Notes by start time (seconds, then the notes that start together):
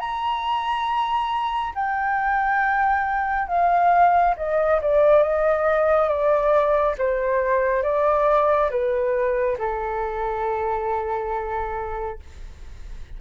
0.00 A#5
1.75 G5
3.48 F5
4.37 D#5
4.82 D5
5.23 D#5
6.09 D5
6.98 C5
7.83 D5
8.71 B4
9.59 A4